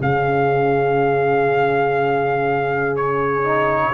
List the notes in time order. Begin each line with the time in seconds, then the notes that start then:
0.00 C#3 C#4 G#4 F5
2.96 C#5
3.44 D#4